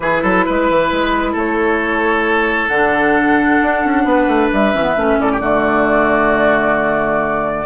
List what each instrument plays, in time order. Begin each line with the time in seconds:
0.00 bassoon E3, clarinet E4, oboe G#4, flute B4
0.22 bassoon F#3, oboe A4
0.45 bassoon G#3, oboe B4
0.70 bassoon E3
0.91 bassoon G#3
1.32 bassoon A3, oboe A4, flute C#5
2.67 bassoon D3, clarinet D4, flute F#5
3.62 bassoon D4
3.84 bassoon C#4
4.04 bassoon B3, oboe B4
4.27 bassoon A3
4.52 bassoon G3, flute E5
4.73 bassoon E3, clarinet C#4
4.82 clarinet B3
4.96 bassoon A3, clarinet C#4
5.18 bassoon A2, oboe A4, flute D5
5.32 oboe G4
5.39 bassoon D3, clarinet A3, oboe F#4